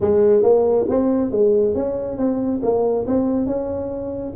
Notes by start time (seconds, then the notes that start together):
0.00 G#3
0.42 A#3
0.89 C4
1.31 G#3
1.74 C#4
2.17 C4
2.62 A#3
3.06 C4
3.46 C#4